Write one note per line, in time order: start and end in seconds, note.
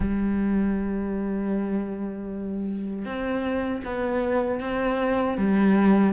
0.00 3.05 G3
3.05 3.82 C4
3.84 4.60 B3
4.60 5.37 C4
5.37 6.13 G3